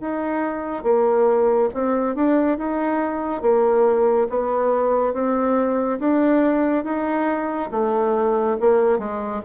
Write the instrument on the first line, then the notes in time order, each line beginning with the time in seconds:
bassoon
0.00 D#4
0.83 A#3
1.73 C4
2.15 D4
2.58 D#4
3.41 A#3
4.29 B3
5.13 C4
5.99 D4
6.84 D#4
7.71 A3
8.60 A#3
8.98 G#3